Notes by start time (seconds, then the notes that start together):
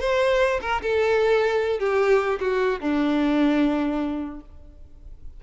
0.00 C5
0.61 A#4
0.82 A4
1.79 G4
2.40 F#4
2.81 D4